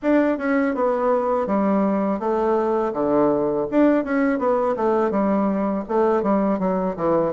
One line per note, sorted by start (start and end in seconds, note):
0.02 0.38 D4
0.38 0.74 C#4
0.74 1.46 B3
1.46 2.19 G3
2.19 2.92 A3
2.93 3.66 D3
3.70 4.04 D4
4.04 4.38 C#4
4.38 4.75 B3
4.76 5.11 A3
5.11 5.84 G3
5.88 6.22 A3
6.22 6.59 G3
6.59 6.95 F#3
6.96 7.33 E3